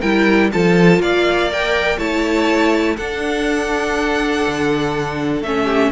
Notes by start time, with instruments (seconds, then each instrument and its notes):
0.00 cello G3, viola E4, violin A#4 G5
0.52 cello F3, viola F4, violin A4 A5
0.99 cello A#3, violin D5 F5
1.51 viola A#4, violin G5
1.97 cello A3, viola E4, violin C#5 A5
2.96 cello D4, viola D4, violin A4 F#5
4.48 cello D3
5.42 cello A3, viola C#4, violin E5
5.64 violin G4